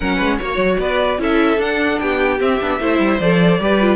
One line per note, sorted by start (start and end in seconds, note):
0.00 0.19 F#3
0.00 0.39 C#4
0.00 0.16 A#4
0.00 0.39 F#5
0.16 0.39 G#3
0.16 0.36 B4
0.38 0.56 A#3
0.38 1.18 F#4
0.38 0.78 C#5
0.38 0.80 C#5
0.56 0.76 F#3
0.79 1.18 B3
0.79 1.20 B4
0.79 1.20 D5
1.18 1.57 C#4
1.18 1.58 E4
1.18 2.00 A4
1.18 1.61 E5
1.57 1.97 D4
1.57 2.39 D4
1.57 2.00 F#5
2.00 2.40 B3
2.00 2.80 G4
2.00 2.40 G5
2.40 2.60 C4
2.40 3.20 E5
2.60 2.79 B3
2.60 2.79 D4
2.79 2.99 A3
2.79 3.19 E4
2.79 3.60 C5
2.99 3.19 G3
3.19 3.59 F3
3.19 3.60 A4
3.19 3.96 D5
3.59 3.96 G3
3.59 3.80 G4
3.59 3.96 B4
3.80 3.96 F4